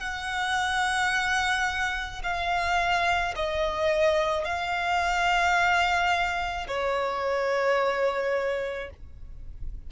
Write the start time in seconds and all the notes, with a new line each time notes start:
0.00 F#5
2.23 F5
3.35 D#5
4.44 F5
6.68 C#5